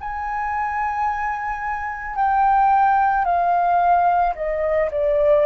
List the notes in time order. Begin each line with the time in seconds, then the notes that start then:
0.00 G#5
2.16 G5
3.25 F5
4.35 D#5
4.91 D5